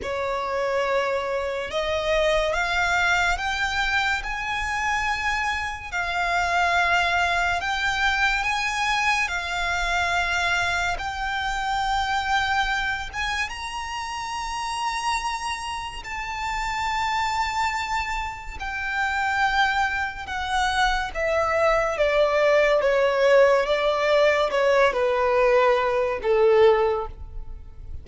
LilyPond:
\new Staff \with { instrumentName = "violin" } { \time 4/4 \tempo 4 = 71 cis''2 dis''4 f''4 | g''4 gis''2 f''4~ | f''4 g''4 gis''4 f''4~ | f''4 g''2~ g''8 gis''8 |
ais''2. a''4~ | a''2 g''2 | fis''4 e''4 d''4 cis''4 | d''4 cis''8 b'4. a'4 | }